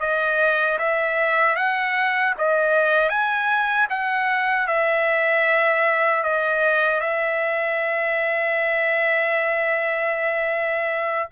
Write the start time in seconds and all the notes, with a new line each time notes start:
0.00 D#5
0.78 E5
1.56 F#5
2.38 D#5
3.09 G#5
3.90 F#5
4.67 E5
6.23 D#5
7.00 E5